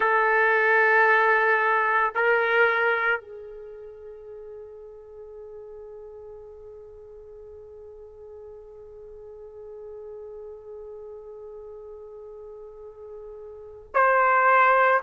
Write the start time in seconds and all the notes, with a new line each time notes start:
0.00 A4
2.14 A#4
3.20 G#4
13.94 C5